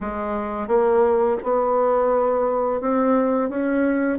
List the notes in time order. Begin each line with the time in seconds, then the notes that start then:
0.00 G#3
0.67 A#3
1.43 B3
2.81 C4
3.49 C#4